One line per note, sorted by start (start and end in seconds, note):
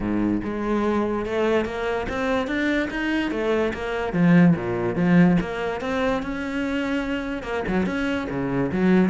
0.00 0.41 G#2
0.43 1.25 G#3
1.25 1.65 A3
1.65 2.06 A#3
2.08 2.47 C4
2.47 2.88 D4
2.90 3.31 D#4
3.31 3.72 A3
3.73 4.12 A#3
4.12 4.54 F3
4.55 4.95 A#2
4.95 5.37 F3
5.40 5.80 A#3
5.80 6.22 C4
6.22 7.42 C#4
7.42 7.63 A#3
7.67 7.86 F#3
7.86 8.27 C#4
8.29 8.71 C#3
8.72 9.09 F#3